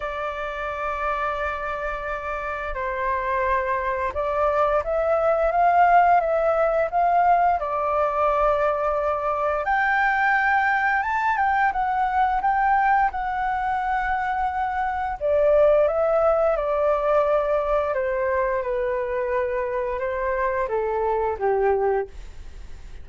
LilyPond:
\new Staff \with { instrumentName = "flute" } { \time 4/4 \tempo 4 = 87 d''1 | c''2 d''4 e''4 | f''4 e''4 f''4 d''4~ | d''2 g''2 |
a''8 g''8 fis''4 g''4 fis''4~ | fis''2 d''4 e''4 | d''2 c''4 b'4~ | b'4 c''4 a'4 g'4 | }